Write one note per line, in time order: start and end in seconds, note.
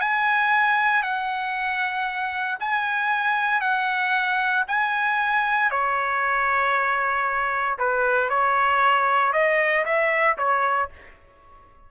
0.00 1.03 G#5
1.03 2.58 F#5
2.59 3.60 G#5
3.60 4.64 F#5
4.67 5.70 G#5
5.70 7.77 C#5
7.78 8.29 B4
8.29 9.32 C#5
9.32 9.84 D#5
9.85 10.37 E5
10.37 10.89 C#5